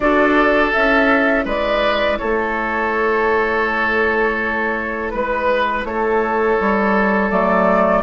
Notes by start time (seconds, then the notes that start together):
0.00 D4 F#4 A4 D5
0.72 C#4 E4 E5
1.44 G#3 B4 D5
2.18 A3 A4 C#5
5.10 G#3 B4
5.84 A3 A4 C#5
6.60 G3
7.30 F#3 A3 D5